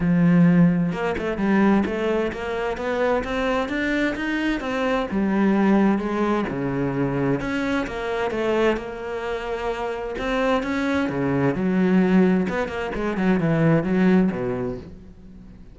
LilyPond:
\new Staff \with { instrumentName = "cello" } { \time 4/4 \tempo 4 = 130 f2 ais8 a8 g4 | a4 ais4 b4 c'4 | d'4 dis'4 c'4 g4~ | g4 gis4 cis2 |
cis'4 ais4 a4 ais4~ | ais2 c'4 cis'4 | cis4 fis2 b8 ais8 | gis8 fis8 e4 fis4 b,4 | }